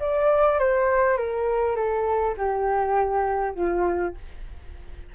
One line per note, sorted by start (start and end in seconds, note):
0.00 0.59 D5
0.59 1.17 C5
1.17 1.76 A#4
1.76 2.35 A4
2.38 3.55 G4
3.55 4.14 F4